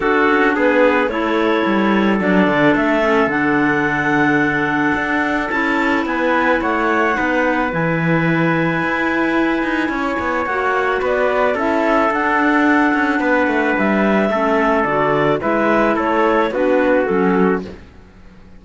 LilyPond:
<<
  \new Staff \with { instrumentName = "clarinet" } { \time 4/4 \tempo 4 = 109 a'4 b'4 cis''2 | d''4 e''4 fis''2~ | fis''2 a''4 gis''4 | fis''2 gis''2~ |
gis''2. fis''4 | d''4 e''4 fis''2~ | fis''4 e''2 d''4 | e''4 cis''4 b'4 a'4 | }
  \new Staff \with { instrumentName = "trumpet" } { \time 4/4 fis'4 gis'4 a'2~ | a'1~ | a'2. b'4 | cis''4 b'2.~ |
b'2 cis''2 | b'4 a'2. | b'2 a'2 | b'4 a'4 fis'2 | }
  \new Staff \with { instrumentName = "clarinet" } { \time 4/4 d'2 e'2 | d'4. cis'8 d'2~ | d'2 e'2~ | e'4 dis'4 e'2~ |
e'2. fis'4~ | fis'4 e'4 d'2~ | d'2 cis'4 fis'4 | e'2 d'4 cis'4 | }
  \new Staff \with { instrumentName = "cello" } { \time 4/4 d'8 cis'8 b4 a4 g4 | fis8 d8 a4 d2~ | d4 d'4 cis'4 b4 | a4 b4 e2 |
e'4. dis'8 cis'8 b8 ais4 | b4 cis'4 d'4. cis'8 | b8 a8 g4 a4 d4 | gis4 a4 b4 fis4 | }
>>